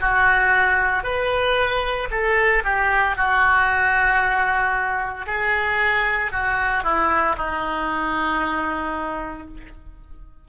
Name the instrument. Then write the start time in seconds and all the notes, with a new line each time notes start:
oboe
0.00 F#4
1.03 B4
2.10 A4
2.64 G4
3.16 F#4
5.26 G#4
6.31 F#4
6.83 E4
7.36 D#4